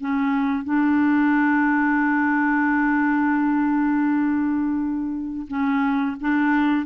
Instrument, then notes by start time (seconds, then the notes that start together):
clarinet
0.00 C#4
0.64 D4
5.47 C#4
6.20 D4